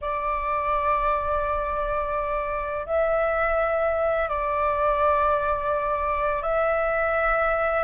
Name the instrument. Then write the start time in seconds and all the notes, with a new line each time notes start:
flute
0.01 D5
2.86 E5
4.29 D5
6.42 E5